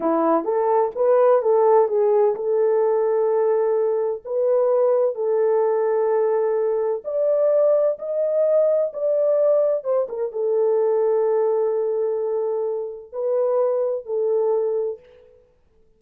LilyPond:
\new Staff \with { instrumentName = "horn" } { \time 4/4 \tempo 4 = 128 e'4 a'4 b'4 a'4 | gis'4 a'2.~ | a'4 b'2 a'4~ | a'2. d''4~ |
d''4 dis''2 d''4~ | d''4 c''8 ais'8 a'2~ | a'1 | b'2 a'2 | }